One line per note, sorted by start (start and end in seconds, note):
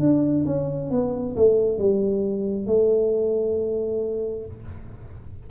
0.00 0.45 D4
0.46 0.90 C#4
0.90 1.35 B3
1.36 1.78 A3
1.78 2.67 G3
2.67 4.46 A3